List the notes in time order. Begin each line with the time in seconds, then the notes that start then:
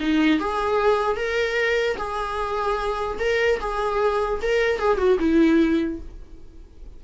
0.00 D#4
0.40 G#4
1.17 A#4
1.97 G#4
3.19 A#4
3.60 G#4
4.42 A#4
4.79 G#4
4.98 F#4
5.19 E4